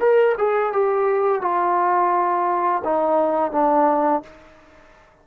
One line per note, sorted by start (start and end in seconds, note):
0.00 0.35 A#4
0.38 0.73 G#4
0.73 1.41 G4
1.41 2.82 F4
2.84 3.52 D#4
3.52 4.22 D4